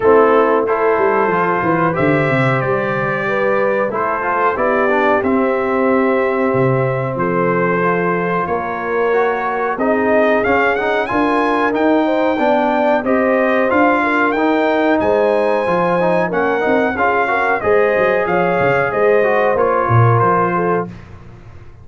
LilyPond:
<<
  \new Staff \with { instrumentName = "trumpet" } { \time 4/4 \tempo 4 = 92 a'4 c''2 e''4 | d''2 c''4 d''4 | e''2. c''4~ | c''4 cis''2 dis''4 |
f''8 fis''8 gis''4 g''2 | dis''4 f''4 g''4 gis''4~ | gis''4 fis''4 f''4 dis''4 | f''4 dis''4 cis''4 c''4 | }
  \new Staff \with { instrumentName = "horn" } { \time 4/4 e'4 a'4. b'8 c''4~ | c''4 b'4 a'4 g'4~ | g'2. a'4~ | a'4 ais'2 gis'4~ |
gis'4 ais'4. c''8 d''4 | c''4. ais'4. c''4~ | c''4 ais'4 gis'8 ais'8 c''4 | cis''4 c''4. ais'4 a'8 | }
  \new Staff \with { instrumentName = "trombone" } { \time 4/4 c'4 e'4 f'4 g'4~ | g'2 e'8 f'8 e'8 d'8 | c'1 | f'2 fis'4 dis'4 |
cis'8 dis'8 f'4 dis'4 d'4 | g'4 f'4 dis'2 | f'8 dis'8 cis'8 dis'8 f'8 fis'8 gis'4~ | gis'4. fis'8 f'2 | }
  \new Staff \with { instrumentName = "tuba" } { \time 4/4 a4. g8 f8 e8 d8 c8 | g2 a4 b4 | c'2 c4 f4~ | f4 ais2 c'4 |
cis'4 d'4 dis'4 b4 | c'4 d'4 dis'4 gis4 | f4 ais8 c'8 cis'4 gis8 fis8 | f8 cis8 gis4 ais8 ais,8 f4 | }
>>